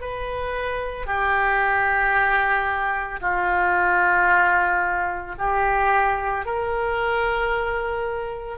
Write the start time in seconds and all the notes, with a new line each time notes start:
0.00 B4
1.06 G4
3.21 F4
5.38 G4
6.45 A#4